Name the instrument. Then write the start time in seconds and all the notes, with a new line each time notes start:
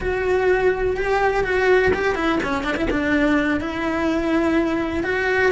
cello
0.00 F#4
0.96 G4
1.44 F#4
1.93 G4
2.15 E4
2.43 C#4
2.63 D4
2.76 E4
2.90 D4
3.60 E4
5.03 F#4